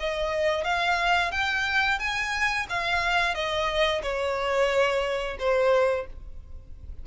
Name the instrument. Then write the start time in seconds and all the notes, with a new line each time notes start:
violin
0.00 D#5
0.64 F5
1.32 G5
1.99 G#5
2.70 F5
3.35 D#5
4.03 C#5
5.39 C5